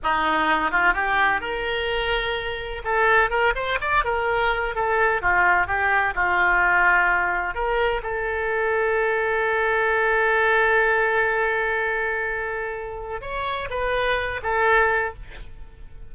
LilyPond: \new Staff \with { instrumentName = "oboe" } { \time 4/4 \tempo 4 = 127 dis'4. f'8 g'4 ais'4~ | ais'2 a'4 ais'8 c''8 | d''8 ais'4. a'4 f'4 | g'4 f'2. |
ais'4 a'2.~ | a'1~ | a'1 | cis''4 b'4. a'4. | }